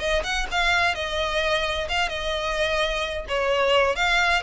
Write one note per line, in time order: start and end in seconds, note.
0.00 0.23 D#5
0.24 0.47 F#5
0.51 0.95 F5
0.95 1.88 D#5
1.89 2.09 F5
2.09 3.26 D#5
3.29 3.96 C#5
3.96 4.42 F5